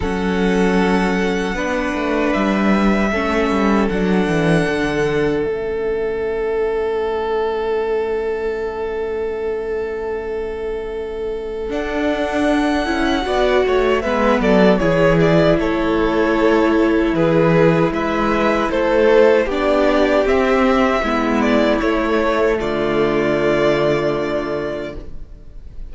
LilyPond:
<<
  \new Staff \with { instrumentName = "violin" } { \time 4/4 \tempo 4 = 77 fis''2. e''4~ | e''4 fis''2 e''4~ | e''1~ | e''2. fis''4~ |
fis''2 e''8 d''8 cis''8 d''8 | cis''2 b'4 e''4 | c''4 d''4 e''4. d''8 | cis''4 d''2. | }
  \new Staff \with { instrumentName = "violin" } { \time 4/4 a'2 b'2 | a'1~ | a'1~ | a'1~ |
a'4 d''8 cis''8 b'8 a'8 gis'4 | a'2 gis'4 b'4 | a'4 g'2 e'4~ | e'4 f'2. | }
  \new Staff \with { instrumentName = "viola" } { \time 4/4 cis'2 d'2 | cis'4 d'2 cis'4~ | cis'1~ | cis'2. d'4~ |
d'8 e'8 fis'4 b4 e'4~ | e'1~ | e'4 d'4 c'4 b4 | a1 | }
  \new Staff \with { instrumentName = "cello" } { \time 4/4 fis2 b8 a8 g4 | a8 g8 fis8 e8 d4 a4~ | a1~ | a2. d'4~ |
d'8 cis'8 b8 a8 gis8 fis8 e4 | a2 e4 gis4 | a4 b4 c'4 gis4 | a4 d2. | }
>>